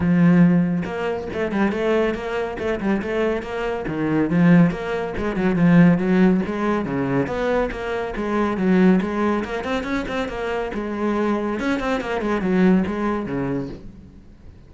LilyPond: \new Staff \with { instrumentName = "cello" } { \time 4/4 \tempo 4 = 140 f2 ais4 a8 g8 | a4 ais4 a8 g8 a4 | ais4 dis4 f4 ais4 | gis8 fis8 f4 fis4 gis4 |
cis4 b4 ais4 gis4 | fis4 gis4 ais8 c'8 cis'8 c'8 | ais4 gis2 cis'8 c'8 | ais8 gis8 fis4 gis4 cis4 | }